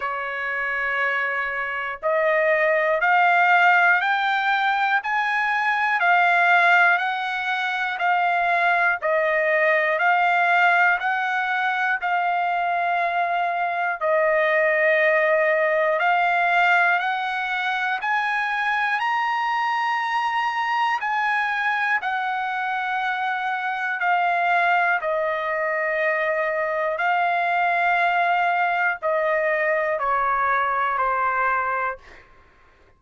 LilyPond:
\new Staff \with { instrumentName = "trumpet" } { \time 4/4 \tempo 4 = 60 cis''2 dis''4 f''4 | g''4 gis''4 f''4 fis''4 | f''4 dis''4 f''4 fis''4 | f''2 dis''2 |
f''4 fis''4 gis''4 ais''4~ | ais''4 gis''4 fis''2 | f''4 dis''2 f''4~ | f''4 dis''4 cis''4 c''4 | }